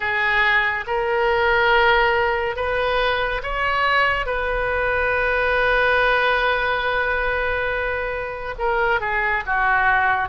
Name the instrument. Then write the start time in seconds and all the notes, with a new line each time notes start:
oboe
0.00 G#4
0.86 A#4
2.56 B4
3.42 C#5
4.26 B4
8.58 A#4
9.00 G#4
9.46 F#4